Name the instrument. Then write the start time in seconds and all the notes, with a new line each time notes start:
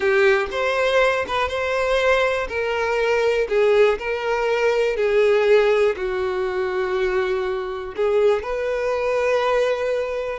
violin
0.00 G4
0.51 C5
1.27 B4
1.48 C5
2.48 A#4
3.48 G#4
3.98 A#4
4.96 G#4
5.96 F#4
7.96 G#4
8.42 B4